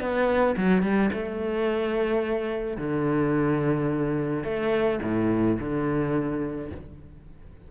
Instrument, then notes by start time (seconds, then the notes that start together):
cello
0.00 B3
0.57 F#3
0.82 G3
1.13 A3
2.77 D3
4.44 A3
5.03 A2
5.60 D3